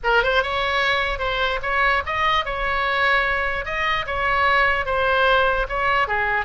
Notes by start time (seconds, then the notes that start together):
0.03 A#4
0.23 C5
0.43 C#5
1.18 C5
1.62 C#5
2.06 D#5
2.45 C#5
3.65 D#5
4.06 C#5
4.85 C5
5.68 C#5
6.07 G#4